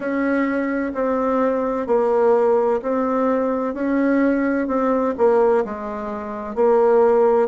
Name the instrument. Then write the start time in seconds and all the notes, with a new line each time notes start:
bassoon
0.00 C#4
0.94 C4
1.87 A#3
2.81 C4
3.73 C#4
4.67 C4
5.17 A#3
5.64 G#3
6.55 A#3